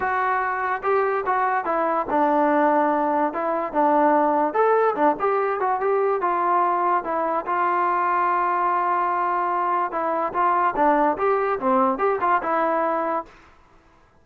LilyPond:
\new Staff \with { instrumentName = "trombone" } { \time 4/4 \tempo 4 = 145 fis'2 g'4 fis'4 | e'4 d'2. | e'4 d'2 a'4 | d'8 g'4 fis'8 g'4 f'4~ |
f'4 e'4 f'2~ | f'1 | e'4 f'4 d'4 g'4 | c'4 g'8 f'8 e'2 | }